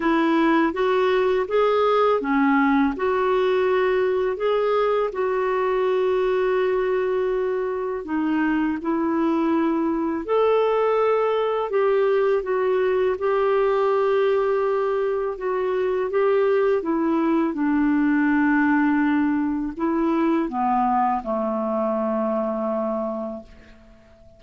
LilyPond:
\new Staff \with { instrumentName = "clarinet" } { \time 4/4 \tempo 4 = 82 e'4 fis'4 gis'4 cis'4 | fis'2 gis'4 fis'4~ | fis'2. dis'4 | e'2 a'2 |
g'4 fis'4 g'2~ | g'4 fis'4 g'4 e'4 | d'2. e'4 | b4 a2. | }